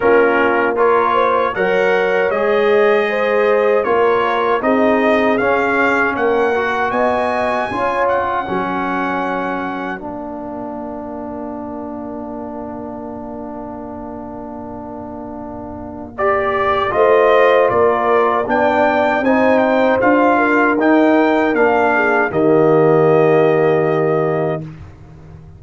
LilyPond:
<<
  \new Staff \with { instrumentName = "trumpet" } { \time 4/4 \tempo 4 = 78 ais'4 cis''4 fis''4 dis''4~ | dis''4 cis''4 dis''4 f''4 | fis''4 gis''4. fis''4.~ | fis''4 f''2.~ |
f''1~ | f''4 d''4 dis''4 d''4 | g''4 gis''8 g''8 f''4 g''4 | f''4 dis''2. | }
  \new Staff \with { instrumentName = "horn" } { \time 4/4 f'4 ais'8 c''8 cis''2 | c''4 ais'4 gis'2 | ais'4 dis''4 cis''4 ais'4~ | ais'1~ |
ais'1~ | ais'2 c''4 ais'4 | d''4 c''4. ais'4.~ | ais'8 gis'8 g'2. | }
  \new Staff \with { instrumentName = "trombone" } { \time 4/4 cis'4 f'4 ais'4 gis'4~ | gis'4 f'4 dis'4 cis'4~ | cis'8 fis'4. f'4 cis'4~ | cis'4 d'2.~ |
d'1~ | d'4 g'4 f'2 | d'4 dis'4 f'4 dis'4 | d'4 ais2. | }
  \new Staff \with { instrumentName = "tuba" } { \time 4/4 ais2 fis4 gis4~ | gis4 ais4 c'4 cis'4 | ais4 b4 cis'4 fis4~ | fis4 ais2.~ |
ais1~ | ais2 a4 ais4 | b4 c'4 d'4 dis'4 | ais4 dis2. | }
>>